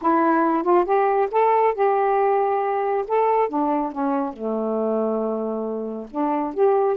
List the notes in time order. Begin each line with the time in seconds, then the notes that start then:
0.01 E4
0.63 F4
0.85 G4
1.31 A4
1.74 G4
3.07 A4
3.48 D4
3.92 C#4
4.33 A3
6.10 D4
6.54 G4